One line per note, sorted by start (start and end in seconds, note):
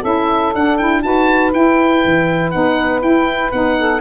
0.00 0.54 C#4
0.00 0.53 E4
0.00 1.00 A4
0.00 0.54 E5
0.54 1.04 D4
0.54 0.79 D4
0.54 0.77 F#5
0.77 1.02 E4
0.77 1.02 G5
1.02 1.54 D#4
1.02 1.52 F#4
1.02 3.78 B4
1.02 1.52 A5
1.52 2.52 E4
1.52 2.04 E4
1.52 2.51 G5
2.05 2.55 E3
2.51 3.02 B3
2.51 3.02 D#4
2.51 3.01 F#5
3.02 3.52 E4
3.02 3.51 G5
3.51 4.01 B3
3.51 4.01 D#4
3.51 4.01 F#5
3.78 4.01 A4